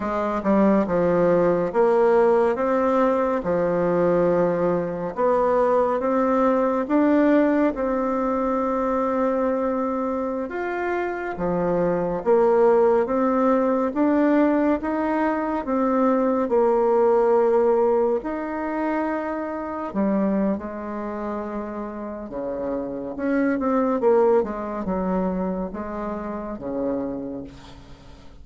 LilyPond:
\new Staff \with { instrumentName = "bassoon" } { \time 4/4 \tempo 4 = 70 gis8 g8 f4 ais4 c'4 | f2 b4 c'4 | d'4 c'2.~ | c'16 f'4 f4 ais4 c'8.~ |
c'16 d'4 dis'4 c'4 ais8.~ | ais4~ ais16 dis'2 g8. | gis2 cis4 cis'8 c'8 | ais8 gis8 fis4 gis4 cis4 | }